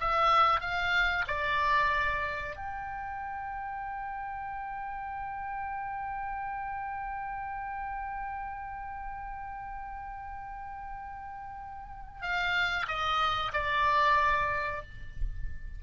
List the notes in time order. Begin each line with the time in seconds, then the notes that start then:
0.00 E5
0.60 F5
1.27 D5
2.56 G5
12.22 F5
12.88 D#5
13.53 D5